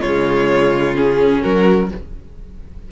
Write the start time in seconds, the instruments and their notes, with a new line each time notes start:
0.00 cello C#3, viola G#3, violin F4 C#5
0.95 viola C#4, violin G#4
1.42 cello F#3, violin F#4 A#4